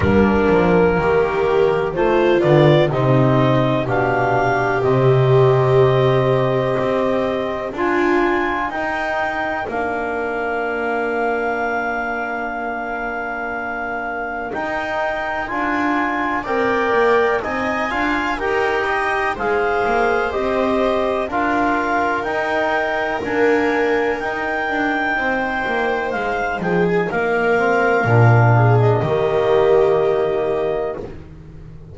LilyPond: <<
  \new Staff \with { instrumentName = "clarinet" } { \time 4/4 \tempo 4 = 62 ais'2 c''8 d''8 dis''4 | f''4 dis''2. | gis''4 g''4 f''2~ | f''2. g''4 |
gis''4 g''4 gis''4 g''4 | f''4 dis''4 f''4 g''4 | gis''4 g''2 f''8 g''16 gis''16 | f''4.~ f''16 dis''2~ dis''16 | }
  \new Staff \with { instrumentName = "viola" } { \time 4/4 d'4 g'4 f'4 dis'4 | g'1 | f'4 ais'2.~ | ais'1~ |
ais'4 d''4 dis''8 f''8 ais'8 dis''8 | c''2 ais'2~ | ais'2 c''4. gis'8 | ais'4. gis'8 g'2 | }
  \new Staff \with { instrumentName = "trombone" } { \time 4/4 ais2 a8 b8 c'4 | d'4 c'2. | f'4 dis'4 d'2~ | d'2. dis'4 |
f'4 ais'4 dis'8 f'8 g'4 | gis'4 g'4 f'4 dis'4 | ais4 dis'2.~ | dis'8 c'8 d'4 ais2 | }
  \new Staff \with { instrumentName = "double bass" } { \time 4/4 g8 f8 dis4. d8 c4 | b,4 c2 c'4 | d'4 dis'4 ais2~ | ais2. dis'4 |
d'4 c'8 ais8 c'8 d'8 dis'4 | gis8 ais8 c'4 d'4 dis'4 | d'4 dis'8 d'8 c'8 ais8 gis8 f8 | ais4 ais,4 dis2 | }
>>